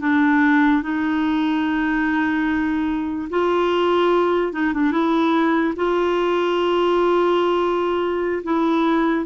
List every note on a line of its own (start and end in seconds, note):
0.00 0.82 D4
0.82 3.29 D#4
3.30 4.52 F4
4.52 4.73 D#4
4.73 4.91 D4
4.91 5.73 E4
5.75 8.42 F4
8.43 9.25 E4